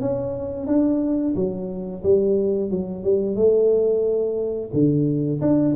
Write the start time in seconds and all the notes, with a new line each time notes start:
0.00 C#4
0.66 D4
1.35 F#3
2.03 G3
2.70 F#3
3.03 G3
3.35 A3
4.73 D3
5.41 D4